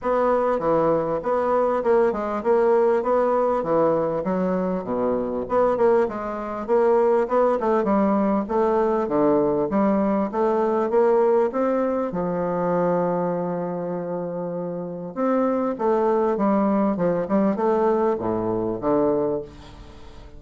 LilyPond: \new Staff \with { instrumentName = "bassoon" } { \time 4/4 \tempo 4 = 99 b4 e4 b4 ais8 gis8 | ais4 b4 e4 fis4 | b,4 b8 ais8 gis4 ais4 | b8 a8 g4 a4 d4 |
g4 a4 ais4 c'4 | f1~ | f4 c'4 a4 g4 | f8 g8 a4 a,4 d4 | }